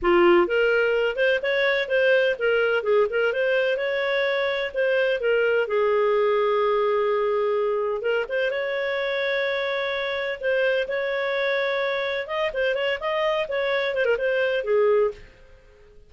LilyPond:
\new Staff \with { instrumentName = "clarinet" } { \time 4/4 \tempo 4 = 127 f'4 ais'4. c''8 cis''4 | c''4 ais'4 gis'8 ais'8 c''4 | cis''2 c''4 ais'4 | gis'1~ |
gis'4 ais'8 c''8 cis''2~ | cis''2 c''4 cis''4~ | cis''2 dis''8 c''8 cis''8 dis''8~ | dis''8 cis''4 c''16 ais'16 c''4 gis'4 | }